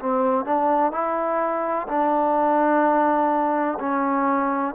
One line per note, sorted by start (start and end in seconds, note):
0.00 0.45 C4
0.45 0.92 D4
0.92 1.87 E4
1.88 3.78 D4
3.80 4.75 C#4